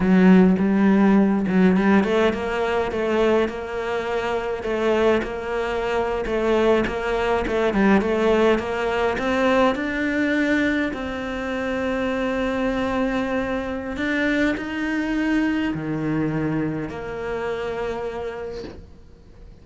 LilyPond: \new Staff \with { instrumentName = "cello" } { \time 4/4 \tempo 4 = 103 fis4 g4. fis8 g8 a8 | ais4 a4 ais2 | a4 ais4.~ ais16 a4 ais16~ | ais8. a8 g8 a4 ais4 c'16~ |
c'8. d'2 c'4~ c'16~ | c'1 | d'4 dis'2 dis4~ | dis4 ais2. | }